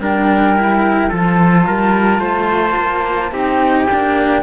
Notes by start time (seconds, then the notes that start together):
0.00 G3 D4 A#4 G5
0.58 E4
1.09 F3 F4 A4 A5
1.67 G3 A#4
2.20 A3 C5
2.77 A#3
3.32 C4 D#4 G4 G5
3.90 A#3 D4